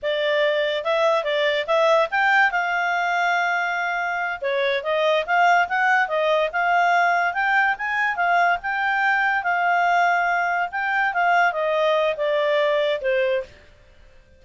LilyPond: \new Staff \with { instrumentName = "clarinet" } { \time 4/4 \tempo 4 = 143 d''2 e''4 d''4 | e''4 g''4 f''2~ | f''2~ f''8 cis''4 dis''8~ | dis''8 f''4 fis''4 dis''4 f''8~ |
f''4. g''4 gis''4 f''8~ | f''8 g''2 f''4.~ | f''4. g''4 f''4 dis''8~ | dis''4 d''2 c''4 | }